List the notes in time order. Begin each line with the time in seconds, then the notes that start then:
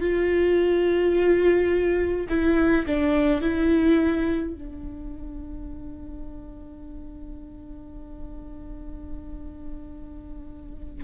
0.00 F4
2.29 E4
2.86 D4
3.41 E4
4.54 D4